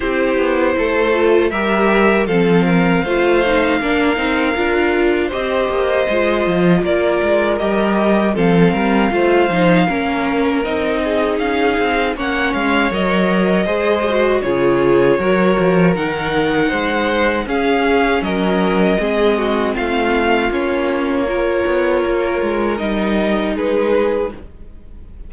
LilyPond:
<<
  \new Staff \with { instrumentName = "violin" } { \time 4/4 \tempo 4 = 79 c''2 e''4 f''4~ | f''2. dis''4~ | dis''4 d''4 dis''4 f''4~ | f''2 dis''4 f''4 |
fis''8 f''8 dis''2 cis''4~ | cis''4 fis''2 f''4 | dis''2 f''4 cis''4~ | cis''2 dis''4 b'4 | }
  \new Staff \with { instrumentName = "violin" } { \time 4/4 g'4 a'4 ais'4 a'8 ais'8 | c''4 ais'2 c''4~ | c''4 ais'2 a'8 ais'8 | c''4 ais'4. gis'4. |
cis''2 c''4 gis'4 | ais'2 c''4 gis'4 | ais'4 gis'8 fis'8 f'2 | ais'2. gis'4 | }
  \new Staff \with { instrumentName = "viola" } { \time 4/4 e'4. f'8 g'4 c'4 | f'8 dis'8 d'8 dis'8 f'4 g'4 | f'2 g'4 c'4 | f'8 dis'8 cis'4 dis'2 |
cis'4 ais'4 gis'8 fis'8 f'4 | fis'4 dis'2 cis'4~ | cis'4 c'2 cis'4 | f'2 dis'2 | }
  \new Staff \with { instrumentName = "cello" } { \time 4/4 c'8 b8 a4 g4 f4 | a4 ais8 c'8 d'4 c'8 ais8 | gis8 f8 ais8 gis8 g4 f8 g8 | a8 f8 ais4 c'4 cis'8 c'8 |
ais8 gis8 fis4 gis4 cis4 | fis8 f8 dis4 gis4 cis'4 | fis4 gis4 a4 ais4~ | ais8 b8 ais8 gis8 g4 gis4 | }
>>